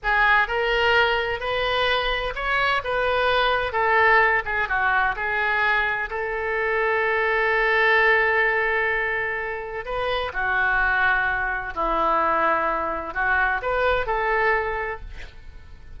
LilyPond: \new Staff \with { instrumentName = "oboe" } { \time 4/4 \tempo 4 = 128 gis'4 ais'2 b'4~ | b'4 cis''4 b'2 | a'4. gis'8 fis'4 gis'4~ | gis'4 a'2.~ |
a'1~ | a'4 b'4 fis'2~ | fis'4 e'2. | fis'4 b'4 a'2 | }